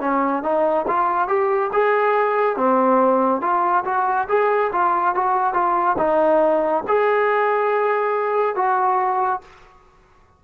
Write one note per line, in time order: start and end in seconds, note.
0.00 0.43 C#4
0.43 0.86 D#4
0.88 1.28 F4
1.28 1.71 G4
1.73 2.56 G#4
2.56 3.41 C4
3.41 3.84 F4
3.85 4.27 F#4
4.28 4.71 G#4
4.73 5.15 F4
5.15 5.54 F#4
5.54 5.96 F4
5.98 6.84 D#4
6.88 8.56 G#4
8.56 9.41 F#4